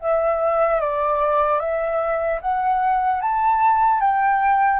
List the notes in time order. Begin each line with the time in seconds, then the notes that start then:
0.00 E5
0.80 D5
1.59 E5
2.41 F#5
3.21 A5
4.00 G5